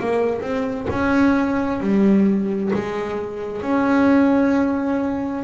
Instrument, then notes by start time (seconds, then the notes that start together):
double bass
0.00 A#3
0.42 C4
0.90 C#4
1.81 G3
2.74 G#3
3.62 C#4